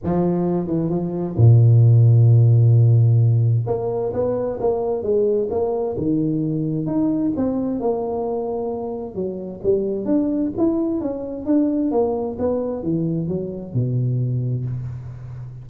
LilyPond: \new Staff \with { instrumentName = "tuba" } { \time 4/4 \tempo 4 = 131 f4. e8 f4 ais,4~ | ais,1 | ais4 b4 ais4 gis4 | ais4 dis2 dis'4 |
c'4 ais2. | fis4 g4 d'4 e'4 | cis'4 d'4 ais4 b4 | e4 fis4 b,2 | }